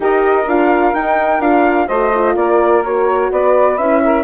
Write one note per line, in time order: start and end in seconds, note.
0.00 0.45 D#4
0.00 0.46 G4
0.00 1.87 A#4
0.00 0.48 D#5
0.46 0.93 D4
0.46 0.94 F4
0.46 0.94 F5
0.94 1.39 D#4
0.94 1.40 D#4
0.94 1.41 G5
1.39 1.87 D4
1.39 1.88 F4
1.39 1.88 F5
1.87 2.35 A3
1.87 2.12 F#4
1.87 2.34 C5
1.87 2.35 D#5
2.14 2.84 F4
2.35 3.30 A#3
2.35 3.31 A#4
2.35 2.83 D5
2.84 3.79 F#4
2.84 3.31 C#5
3.31 3.78 B3
3.31 4.02 B4
3.31 3.77 D5
3.77 4.24 C#4
3.77 4.24 E4
3.77 4.24 E5
4.03 4.24 A#4